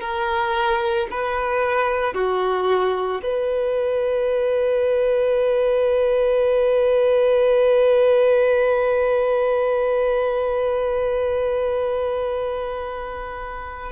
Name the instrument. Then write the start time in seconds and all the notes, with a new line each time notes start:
violin
0.00 A#4
1.11 B4
2.14 F#4
3.23 B4